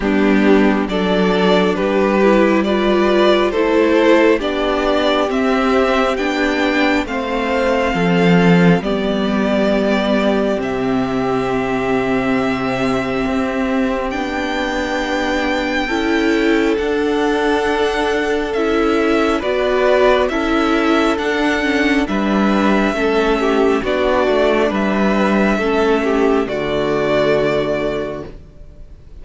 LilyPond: <<
  \new Staff \with { instrumentName = "violin" } { \time 4/4 \tempo 4 = 68 g'4 d''4 b'4 d''4 | c''4 d''4 e''4 g''4 | f''2 d''2 | e''1 |
g''2. fis''4~ | fis''4 e''4 d''4 e''4 | fis''4 e''2 d''4 | e''2 d''2 | }
  \new Staff \with { instrumentName = "violin" } { \time 4/4 d'4 a'4 g'4 b'4 | a'4 g'2. | c''4 a'4 g'2~ | g'1~ |
g'2 a'2~ | a'2 b'4 a'4~ | a'4 b'4 a'8 g'8 fis'4 | b'4 a'8 g'8 fis'2 | }
  \new Staff \with { instrumentName = "viola" } { \time 4/4 b4 d'4. e'8 f'4 | e'4 d'4 c'4 d'4 | c'2 b2 | c'1 |
d'2 e'4 d'4~ | d'4 e'4 fis'4 e'4 | d'8 cis'8 d'4 cis'4 d'4~ | d'4 cis'4 a2 | }
  \new Staff \with { instrumentName = "cello" } { \time 4/4 g4 fis4 g2 | a4 b4 c'4 b4 | a4 f4 g2 | c2. c'4 |
b2 cis'4 d'4~ | d'4 cis'4 b4 cis'4 | d'4 g4 a4 b8 a8 | g4 a4 d2 | }
>>